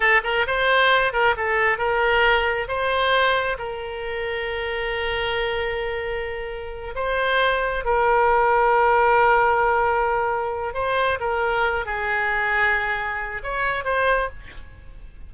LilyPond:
\new Staff \with { instrumentName = "oboe" } { \time 4/4 \tempo 4 = 134 a'8 ais'8 c''4. ais'8 a'4 | ais'2 c''2 | ais'1~ | ais'2.~ ais'8 c''8~ |
c''4. ais'2~ ais'8~ | ais'1 | c''4 ais'4. gis'4.~ | gis'2 cis''4 c''4 | }